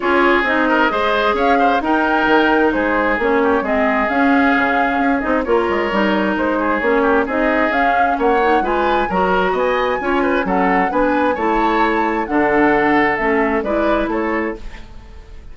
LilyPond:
<<
  \new Staff \with { instrumentName = "flute" } { \time 4/4 \tempo 4 = 132 cis''4 dis''2 f''4 | g''2 c''4 cis''4 | dis''4 f''2~ f''8 dis''8 | cis''2 c''4 cis''4 |
dis''4 f''4 fis''4 gis''4 | ais''4 gis''2 fis''4 | gis''4 a''2 fis''4~ | fis''4 e''4 d''4 cis''4 | }
  \new Staff \with { instrumentName = "oboe" } { \time 4/4 gis'4. ais'8 c''4 cis''8 c''8 | ais'2 gis'4. g'8 | gis'1 | ais'2~ ais'8 gis'4 g'8 |
gis'2 cis''4 b'4 | ais'4 dis''4 cis''8 b'8 a'4 | b'4 cis''2 a'4~ | a'2 b'4 a'4 | }
  \new Staff \with { instrumentName = "clarinet" } { \time 4/4 f'4 dis'4 gis'2 | dis'2. cis'4 | c'4 cis'2~ cis'8 dis'8 | f'4 dis'2 cis'4 |
dis'4 cis'4. dis'8 f'4 | fis'2 f'4 cis'4 | d'4 e'2 d'4~ | d'4 cis'4 e'2 | }
  \new Staff \with { instrumentName = "bassoon" } { \time 4/4 cis'4 c'4 gis4 cis'4 | dis'4 dis4 gis4 ais4 | gis4 cis'4 cis4 cis'8 c'8 | ais8 gis8 g4 gis4 ais4 |
c'4 cis'4 ais4 gis4 | fis4 b4 cis'4 fis4 | b4 a2 d4~ | d4 a4 gis4 a4 | }
>>